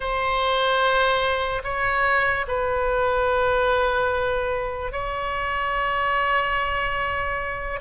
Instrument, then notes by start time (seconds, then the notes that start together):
oboe
0.00 C5
1.63 C#5
2.47 B4
4.92 C#5